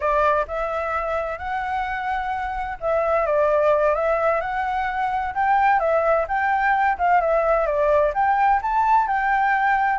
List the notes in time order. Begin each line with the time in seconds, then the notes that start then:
0.00 D5
0.47 E5
1.38 F#5
2.80 E5
3.26 D5
3.94 E5
4.40 F#5
5.34 G5
5.79 E5
6.27 G5
6.98 F5
7.21 E5
7.66 D5
8.14 G5
8.62 A5
9.07 G5